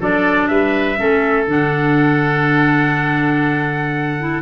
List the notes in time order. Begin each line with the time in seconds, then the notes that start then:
0.00 F#3 D4 A4 D5
0.48 G3 B4 E5
0.97 A3 C#4 A4
1.47 D3 D4 F#5
4.18 E4